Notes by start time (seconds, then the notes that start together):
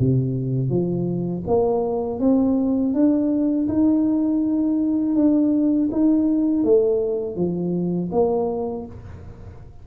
0.00 C3
0.70 F3
1.47 A#3
2.20 C4
2.94 D4
3.69 D#4
5.16 D4
5.92 D#4
6.64 A3
7.36 F3
8.12 A#3